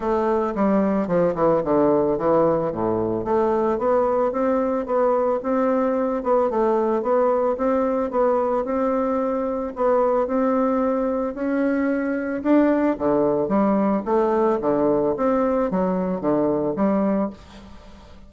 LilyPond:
\new Staff \with { instrumentName = "bassoon" } { \time 4/4 \tempo 4 = 111 a4 g4 f8 e8 d4 | e4 a,4 a4 b4 | c'4 b4 c'4. b8 | a4 b4 c'4 b4 |
c'2 b4 c'4~ | c'4 cis'2 d'4 | d4 g4 a4 d4 | c'4 fis4 d4 g4 | }